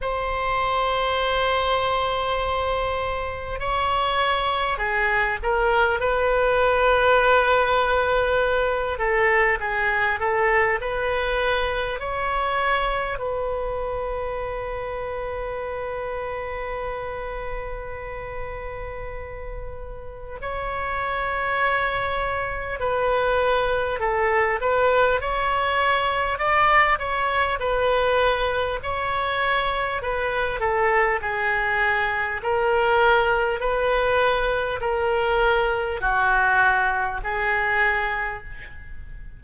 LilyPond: \new Staff \with { instrumentName = "oboe" } { \time 4/4 \tempo 4 = 50 c''2. cis''4 | gis'8 ais'8 b'2~ b'8 a'8 | gis'8 a'8 b'4 cis''4 b'4~ | b'1~ |
b'4 cis''2 b'4 | a'8 b'8 cis''4 d''8 cis''8 b'4 | cis''4 b'8 a'8 gis'4 ais'4 | b'4 ais'4 fis'4 gis'4 | }